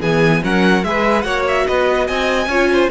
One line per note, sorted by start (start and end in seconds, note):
0.00 0.42 E3
0.00 0.42 B3
0.00 0.41 G#4
0.00 0.43 G#5
0.42 0.83 F#3
0.42 0.83 C#4
0.42 0.85 A#4
0.42 0.84 F#5
0.83 1.24 G#3
0.83 1.23 G#4
0.83 1.25 B4
0.83 1.22 E5
1.22 1.65 A#3
1.22 2.46 F#4
1.22 1.66 C#5
1.22 1.42 F#5
1.47 1.67 E5
1.67 2.09 B3
1.67 2.07 B4
1.67 2.07 D#5
2.07 2.46 C4
2.07 2.48 D#5
2.07 2.89 G#5
2.46 2.87 C#4
2.46 2.90 F4
2.46 2.69 C#5
2.72 2.90 C5